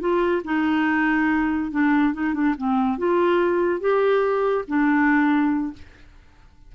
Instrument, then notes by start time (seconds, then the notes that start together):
clarinet
0.00 F4
0.44 D#4
1.71 D4
2.14 D#4
2.34 D4
2.58 C4
2.98 F4
3.80 G4
4.68 D4